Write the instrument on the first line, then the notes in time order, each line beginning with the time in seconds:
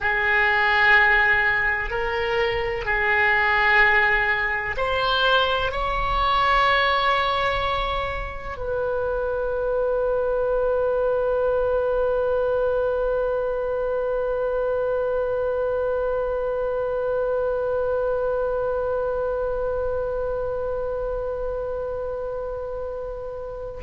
oboe
0.00 G#4
1.90 A#4
2.85 G#4
4.77 C5
5.71 C#5
8.57 B4